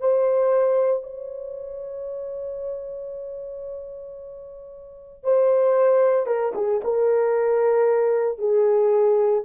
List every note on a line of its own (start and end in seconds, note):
0.00 1.03 C5
1.03 5.24 C#5
5.24 6.27 C5
6.27 6.53 A#4
6.55 6.81 G#4
6.84 8.38 A#4
8.38 9.44 G#4